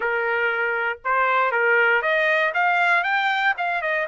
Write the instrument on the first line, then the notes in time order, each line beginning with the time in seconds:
trumpet
0.00 A#4
1.04 C5
1.51 A#4
2.02 D#5
2.54 F5
3.03 G5
3.57 F5
3.81 D#5